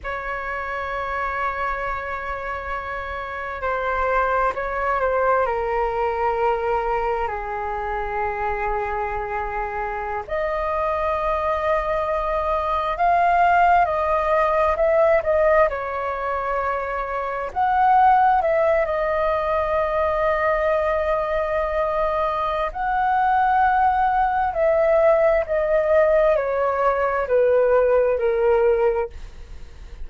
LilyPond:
\new Staff \with { instrumentName = "flute" } { \time 4/4 \tempo 4 = 66 cis''1 | c''4 cis''8 c''8 ais'2 | gis'2.~ gis'16 dis''8.~ | dis''2~ dis''16 f''4 dis''8.~ |
dis''16 e''8 dis''8 cis''2 fis''8.~ | fis''16 e''8 dis''2.~ dis''16~ | dis''4 fis''2 e''4 | dis''4 cis''4 b'4 ais'4 | }